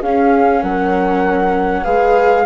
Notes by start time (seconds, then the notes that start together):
0.00 C#4 G#4 F5
0.62 F#3 A#4 F#5
1.83 G#3 G#4 B4 F5